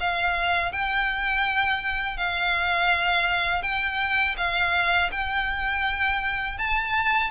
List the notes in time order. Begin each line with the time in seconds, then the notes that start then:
0.00 F5
0.72 G5
2.17 F5
3.62 G5
4.37 F5
5.12 G5
6.58 A5